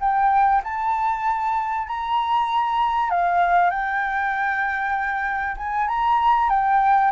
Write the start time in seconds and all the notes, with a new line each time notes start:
0.00 G5
0.63 A5
1.87 A#5
3.10 F5
3.70 G5
5.56 G#5
5.87 A#5
6.49 G5